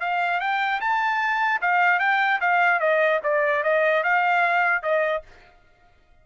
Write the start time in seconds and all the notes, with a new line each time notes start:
0.00 F5
0.40 G5
0.80 A5
1.61 F5
2.00 G5
2.41 F5
2.80 D#5
3.23 D5
3.63 D#5
4.03 F5
4.82 D#5